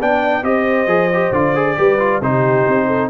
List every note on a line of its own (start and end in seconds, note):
0.00 0.43 B3
0.00 0.44 D4
0.00 0.44 D5
0.00 0.44 G5
0.43 0.87 C4
0.43 0.88 G4
0.43 1.79 C5
0.43 1.33 D#5
0.87 1.32 F3
0.87 1.10 G#4
1.14 1.34 G4
1.32 1.77 D3
1.32 1.56 F4
1.32 2.22 D5
1.56 1.77 G#4
1.77 2.22 G3
1.77 1.99 G4
1.77 2.23 B4
2.00 2.22 F4
2.22 2.66 C3
2.22 3.11 D#4
2.22 2.87 G4
2.22 3.11 C5
2.68 3.11 C4
2.87 3.10 A4